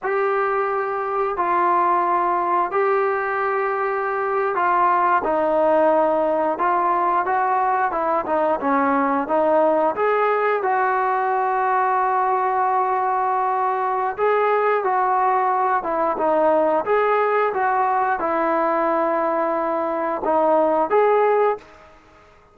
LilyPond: \new Staff \with { instrumentName = "trombone" } { \time 4/4 \tempo 4 = 89 g'2 f'2 | g'2~ g'8. f'4 dis'16~ | dis'4.~ dis'16 f'4 fis'4 e'16~ | e'16 dis'8 cis'4 dis'4 gis'4 fis'16~ |
fis'1~ | fis'4 gis'4 fis'4. e'8 | dis'4 gis'4 fis'4 e'4~ | e'2 dis'4 gis'4 | }